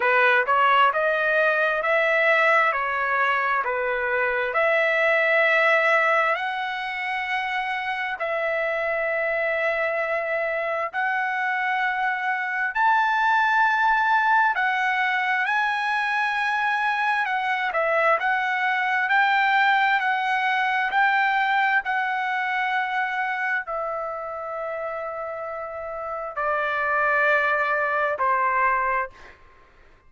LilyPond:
\new Staff \with { instrumentName = "trumpet" } { \time 4/4 \tempo 4 = 66 b'8 cis''8 dis''4 e''4 cis''4 | b'4 e''2 fis''4~ | fis''4 e''2. | fis''2 a''2 |
fis''4 gis''2 fis''8 e''8 | fis''4 g''4 fis''4 g''4 | fis''2 e''2~ | e''4 d''2 c''4 | }